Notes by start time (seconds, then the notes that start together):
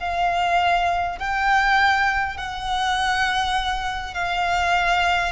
0.00 F5
1.19 G5
2.37 F#5
4.14 F5